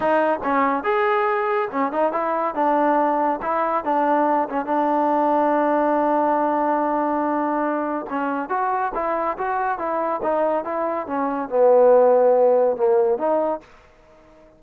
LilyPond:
\new Staff \with { instrumentName = "trombone" } { \time 4/4 \tempo 4 = 141 dis'4 cis'4 gis'2 | cis'8 dis'8 e'4 d'2 | e'4 d'4. cis'8 d'4~ | d'1~ |
d'2. cis'4 | fis'4 e'4 fis'4 e'4 | dis'4 e'4 cis'4 b4~ | b2 ais4 dis'4 | }